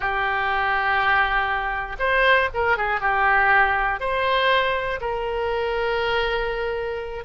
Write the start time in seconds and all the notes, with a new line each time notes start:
0.00 G4
1.99 C5
2.53 A#4
2.77 G#4
3.00 G4
4.00 C5
5.00 A#4